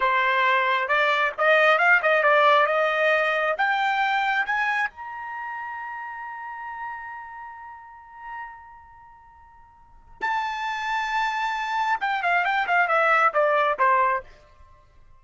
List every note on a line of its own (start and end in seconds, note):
0.00 0.87 C5
0.87 1.32 D5
1.38 1.78 D#5
1.78 2.00 F5
2.02 2.23 D#5
2.23 2.66 D5
2.66 3.55 D#5
3.57 4.45 G5
4.45 4.89 G#5
4.89 10.21 A#5
10.21 11.99 A5
12.00 12.22 G5
12.22 12.44 F5
12.44 12.67 G5
12.67 12.88 F5
12.88 13.32 E5
13.33 13.78 D5
13.78 14.23 C5